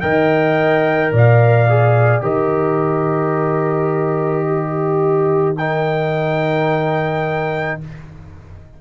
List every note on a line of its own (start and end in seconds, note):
0.00 1.12 D#3
0.00 1.68 A#4
0.00 1.12 D#5
0.00 1.11 G5
1.12 2.22 A#2
1.12 2.23 D5
1.12 2.23 F5
1.69 2.21 G#4
2.21 7.77 D#3
2.21 5.54 G4
2.21 4.45 A#4
2.21 5.57 D#5
4.47 5.58 G4
5.57 7.81 D#4
5.57 7.81 A#4
5.57 7.79 G5